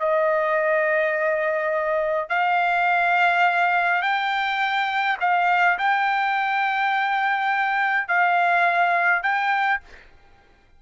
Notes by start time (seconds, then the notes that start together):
0.00 D#5
2.30 F5
4.03 G5
5.21 F5
5.79 G5
8.08 F5
9.23 G5